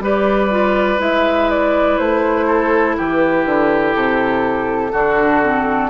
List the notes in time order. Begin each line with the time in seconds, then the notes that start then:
0.00 G3 G4 B4 D5
0.50 F4
0.98 G#3 E4 E5
1.51 D5
1.98 A3 C5
2.47 A4
2.97 E3 G4 B4
3.46 D3
3.95 C3 A4
4.92 D3 D4 F#4
5.43 C4